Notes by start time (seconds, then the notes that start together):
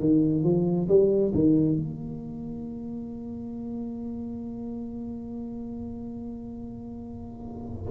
0.00 D#3
0.44 F3
0.88 G3
1.34 D#3
1.76 A#3